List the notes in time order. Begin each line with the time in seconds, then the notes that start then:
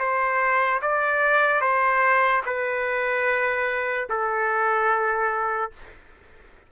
0.00 C5
0.82 D5
1.61 C5
2.46 B4
4.09 A4